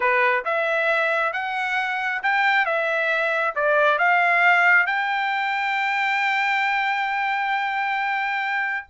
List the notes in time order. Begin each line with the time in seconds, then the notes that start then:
0.00 B4
0.44 E5
1.33 F#5
2.23 G5
2.65 E5
3.55 D5
3.98 F5
4.86 G5